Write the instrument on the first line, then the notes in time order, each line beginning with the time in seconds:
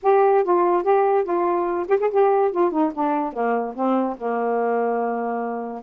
saxophone
0.02 G4
0.44 F4
0.83 G4
1.24 F4
1.88 G4
2.00 G#4
2.10 G4
2.51 F4
2.71 D#4
2.94 D4
3.32 A#3
3.75 C4
4.17 A#3